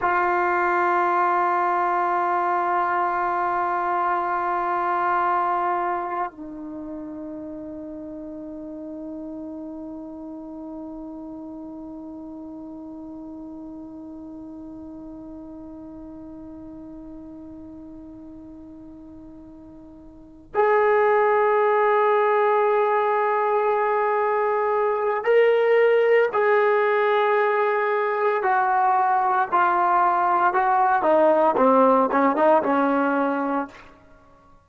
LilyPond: \new Staff \with { instrumentName = "trombone" } { \time 4/4 \tempo 4 = 57 f'1~ | f'2 dis'2~ | dis'1~ | dis'1~ |
dis'2.~ dis'8 gis'8~ | gis'1 | ais'4 gis'2 fis'4 | f'4 fis'8 dis'8 c'8 cis'16 dis'16 cis'4 | }